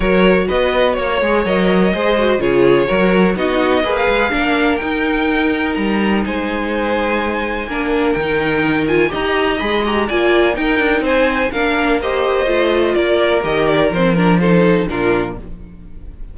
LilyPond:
<<
  \new Staff \with { instrumentName = "violin" } { \time 4/4 \tempo 4 = 125 cis''4 dis''4 cis''4 dis''4~ | dis''4 cis''2 dis''4~ | dis''16 f''4.~ f''16 g''2 | ais''4 gis''2.~ |
gis''4 g''4. gis''8 ais''4 | b''8 ais''8 gis''4 g''4 gis''4 | f''4 dis''2 d''4 | dis''8 d''8 c''8 ais'8 c''4 ais'4 | }
  \new Staff \with { instrumentName = "violin" } { \time 4/4 ais'4 b'4 cis''2 | c''4 gis'4 ais'4 fis'4 | b'4 ais'2.~ | ais'4 c''2. |
ais'2. dis''4~ | dis''4 d''4 ais'4 c''4 | ais'4 c''2 ais'4~ | ais'2 a'4 f'4 | }
  \new Staff \with { instrumentName = "viola" } { \time 4/4 fis'2~ fis'8 gis'8 ais'4 | gis'8 fis'8 f'4 fis'4 dis'4 | gis'4 d'4 dis'2~ | dis'1 |
d'4 dis'4. f'8 g'4 | gis'8 g'8 f'4 dis'2 | d'4 g'4 f'2 | g'4 c'8 d'8 dis'4 d'4 | }
  \new Staff \with { instrumentName = "cello" } { \time 4/4 fis4 b4 ais8 gis8 fis4 | gis4 cis4 fis4 b4 | ais8 gis8 ais4 dis'2 | g4 gis2. |
ais4 dis2 dis'4 | gis4 ais4 dis'8 d'8 c'4 | ais2 a4 ais4 | dis4 f2 ais,4 | }
>>